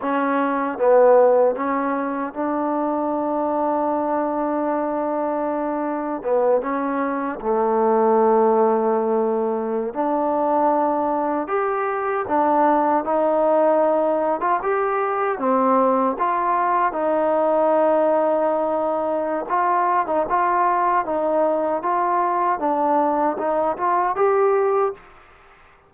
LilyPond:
\new Staff \with { instrumentName = "trombone" } { \time 4/4 \tempo 4 = 77 cis'4 b4 cis'4 d'4~ | d'1 | b8 cis'4 a2~ a8~ | a8. d'2 g'4 d'16~ |
d'8. dis'4.~ dis'16 f'16 g'4 c'16~ | c'8. f'4 dis'2~ dis'16~ | dis'4 f'8. dis'16 f'4 dis'4 | f'4 d'4 dis'8 f'8 g'4 | }